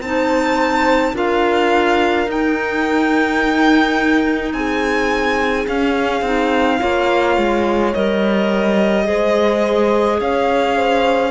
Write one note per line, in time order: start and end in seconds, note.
0.00 1.13 C4
0.00 1.14 D#4
0.00 1.15 C5
0.00 1.15 A5
1.14 2.27 D4
1.14 2.28 F4
1.14 4.55 A#4
1.14 2.31 F5
2.27 4.53 D#4
2.27 5.68 D#4
2.27 4.53 G5
4.53 5.67 C4
4.53 6.79 G#4
4.53 5.66 G#5
5.68 6.22 C#4
5.68 6.25 C#4
5.68 7.94 F5
6.22 6.78 C4
6.22 6.79 D#4
6.79 7.37 A#3
6.79 7.93 F4
6.79 9.05 C#5
7.37 7.94 G#3
7.94 9.09 G3
7.94 9.04 A#4
7.94 10.21 D#5
9.04 10.21 G#3
9.04 11.31 G#4
9.04 10.20 C5
10.20 11.31 C#4
10.20 10.76 C#5
10.20 11.31 F5
10.76 11.31 C5